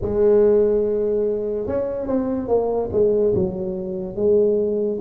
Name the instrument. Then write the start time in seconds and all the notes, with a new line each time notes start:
tuba
0.01 G#3
1.66 C#4
2.06 C4
2.48 A#3
2.92 G#3
3.34 F#3
4.16 G#3